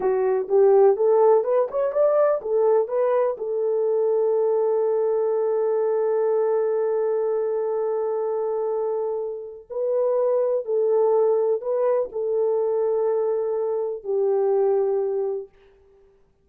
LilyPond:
\new Staff \with { instrumentName = "horn" } { \time 4/4 \tempo 4 = 124 fis'4 g'4 a'4 b'8 cis''8 | d''4 a'4 b'4 a'4~ | a'1~ | a'1~ |
a'1 | b'2 a'2 | b'4 a'2.~ | a'4 g'2. | }